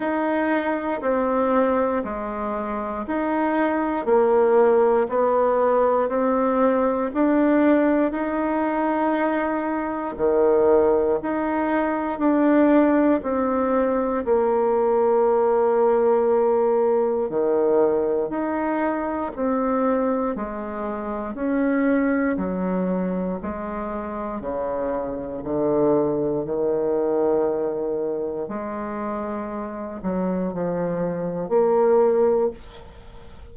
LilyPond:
\new Staff \with { instrumentName = "bassoon" } { \time 4/4 \tempo 4 = 59 dis'4 c'4 gis4 dis'4 | ais4 b4 c'4 d'4 | dis'2 dis4 dis'4 | d'4 c'4 ais2~ |
ais4 dis4 dis'4 c'4 | gis4 cis'4 fis4 gis4 | cis4 d4 dis2 | gis4. fis8 f4 ais4 | }